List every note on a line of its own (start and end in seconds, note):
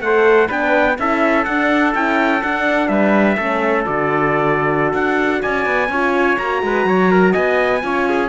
0.00 0.48 A3
0.00 0.49 A4
0.00 0.48 C5
0.00 0.48 F#5
0.48 0.98 B3
0.48 0.97 D4
0.48 0.96 B4
0.48 0.98 G5
0.98 1.46 C#4
0.98 1.46 E4
0.98 2.90 A4
0.98 1.44 E5
1.44 1.95 D4
1.44 1.94 D4
1.44 1.92 F#5
1.94 2.43 C#4
1.94 2.42 E4
1.94 2.43 G5
2.43 3.38 D4
2.43 2.89 D4
2.43 2.88 F#5
2.88 3.37 G3
2.88 3.36 B4
2.88 3.84 E5
3.36 3.85 A3
3.36 3.86 C#4
3.36 5.40 A4
3.85 4.93 D3
3.85 5.90 F#4
3.85 4.94 D5
4.93 5.41 D4
4.93 5.42 F#5
5.42 5.65 C#4
5.42 5.90 D5
5.42 6.38 G#5
5.65 5.89 B3
5.89 6.37 C#4
5.89 6.40 F4
5.89 6.63 C#5
6.38 6.62 A#3
6.38 7.82 F#4
6.38 7.33 A#5
6.62 6.85 G#3
6.62 6.87 B4
6.85 7.33 F#3
6.85 7.11 C#5
7.11 7.32 A#4
7.32 7.83 B3
7.32 7.80 D#5
7.32 8.29 G#5
7.82 8.29 C#4
7.82 8.29 F4
7.82 8.08 C#5
8.09 8.29 G#4